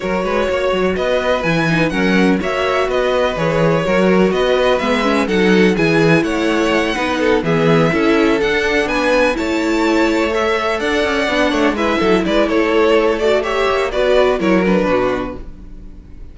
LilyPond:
<<
  \new Staff \with { instrumentName = "violin" } { \time 4/4 \tempo 4 = 125 cis''2 dis''4 gis''4 | fis''4 e''4 dis''4 cis''4~ | cis''4 dis''4 e''4 fis''4 | gis''4 fis''2~ fis''8 e''8~ |
e''4. fis''4 gis''4 a''8~ | a''4. e''4 fis''4.~ | fis''8 e''4 d''8 cis''4. d''8 | e''4 d''4 cis''8 b'4. | }
  \new Staff \with { instrumentName = "violin" } { \time 4/4 ais'8 b'8 cis''4 b'2 | ais'4 cis''4 b'2 | ais'4 b'2 a'4 | gis'4 cis''4. b'8 a'8 gis'8~ |
gis'8 a'2 b'4 cis''8~ | cis''2~ cis''8 d''4. | cis''8 b'8 a'8 b'8 a'2 | cis''4 b'4 ais'4 fis'4 | }
  \new Staff \with { instrumentName = "viola" } { \time 4/4 fis'2. e'8 dis'8 | cis'4 fis'2 gis'4 | fis'2 b8 cis'8 dis'4 | e'2~ e'8 dis'4 b8~ |
b8 e'4 d'2 e'8~ | e'4. a'2 d'8~ | d'8 e'2. fis'8 | g'4 fis'4 e'8 d'4. | }
  \new Staff \with { instrumentName = "cello" } { \time 4/4 fis8 gis8 ais8 fis8 b4 e4 | fis4 ais4 b4 e4 | fis4 b4 gis4 fis4 | e4 a4. b4 e8~ |
e8 cis'4 d'4 b4 a8~ | a2~ a8 d'8 cis'8 b8 | a8 gis8 fis8 gis8 a2~ | a8 ais8 b4 fis4 b,4 | }
>>